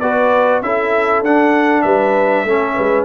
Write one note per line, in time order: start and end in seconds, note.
0.00 0.61 B3
0.00 0.63 F#4
0.00 0.63 B4
0.00 0.61 D5
0.61 1.22 C#4
0.61 1.24 E4
0.61 1.84 A4
0.61 1.23 E5
1.22 1.83 D4
1.22 2.47 D4
1.22 1.82 F#5
1.82 2.44 G3
1.82 2.45 B4
1.82 3.04 E5
2.44 2.75 A3
2.44 3.05 C#4
2.44 2.75 A4
2.75 3.05 G#3
2.75 3.05 B4